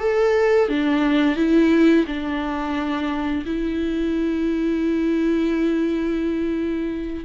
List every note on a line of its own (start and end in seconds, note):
0.00 0.69 A4
0.69 1.36 D4
1.36 2.05 E4
2.07 3.45 D4
3.46 7.25 E4